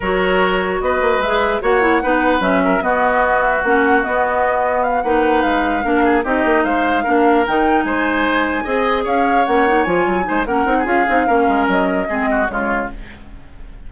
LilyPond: <<
  \new Staff \with { instrumentName = "flute" } { \time 4/4 \tempo 4 = 149 cis''2 dis''4 e''4 | fis''2 e''4 dis''4~ | dis''8 e''8 fis''4 dis''2 | f''8 fis''4 f''2 dis''8~ |
dis''8 f''2 g''4 gis''8~ | gis''2~ gis''8 f''4 fis''8~ | fis''8 gis''4. fis''4 f''4~ | f''4 dis''2 cis''4 | }
  \new Staff \with { instrumentName = "oboe" } { \time 4/4 ais'2 b'2 | cis''4 b'4. ais'8 fis'4~ | fis'1~ | fis'8 b'2 ais'8 gis'8 g'8~ |
g'8 c''4 ais'2 c''8~ | c''4. dis''4 cis''4.~ | cis''4. c''8 ais'8. gis'4~ gis'16 | ais'2 gis'8 fis'8 f'4 | }
  \new Staff \with { instrumentName = "clarinet" } { \time 4/4 fis'2. gis'4 | fis'8 e'8 dis'4 cis'4 b4~ | b4 cis'4 b2~ | b8 dis'2 d'4 dis'8~ |
dis'4. d'4 dis'4.~ | dis'4. gis'2 cis'8 | dis'8 f'4 dis'8 cis'8 dis'8 f'8 dis'8 | cis'2 c'4 gis4 | }
  \new Staff \with { instrumentName = "bassoon" } { \time 4/4 fis2 b8 ais8 gis4 | ais4 b4 fis4 b4~ | b4 ais4 b2~ | b8 ais4 gis4 ais4 c'8 |
ais8 gis4 ais4 dis4 gis8~ | gis4. c'4 cis'4 ais8~ | ais8 f8 fis8 gis8 ais8 c'8 cis'8 c'8 | ais8 gis8 fis4 gis4 cis4 | }
>>